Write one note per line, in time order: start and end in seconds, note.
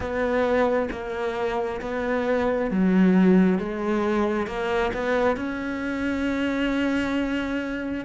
0.00 0.88 B3
0.91 1.80 A#3
1.81 2.70 B3
2.71 3.59 F#3
3.59 4.47 G#3
4.47 4.91 A#3
4.93 5.36 B3
5.36 8.05 C#4